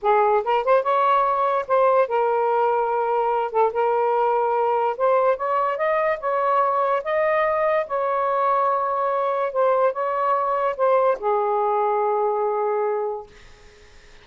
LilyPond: \new Staff \with { instrumentName = "saxophone" } { \time 4/4 \tempo 4 = 145 gis'4 ais'8 c''8 cis''2 | c''4 ais'2.~ | ais'8 a'8 ais'2. | c''4 cis''4 dis''4 cis''4~ |
cis''4 dis''2 cis''4~ | cis''2. c''4 | cis''2 c''4 gis'4~ | gis'1 | }